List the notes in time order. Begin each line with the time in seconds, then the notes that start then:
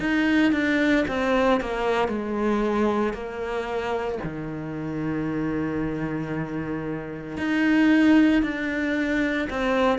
0.00 D#4
0.53 D4
1.08 C4
1.61 A#3
2.09 G#3
3.14 A#3
4.24 D#3
7.38 D#4
8.43 D4
9.50 C4